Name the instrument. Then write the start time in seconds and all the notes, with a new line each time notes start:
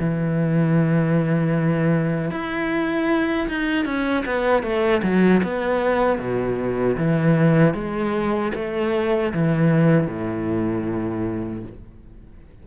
cello
0.00 E3
2.31 E4
3.49 D#4
3.86 C#4
4.26 B3
4.63 A3
5.03 F#3
5.44 B3
6.19 B2
6.98 E3
7.75 G#3
8.55 A3
9.34 E3
10.08 A2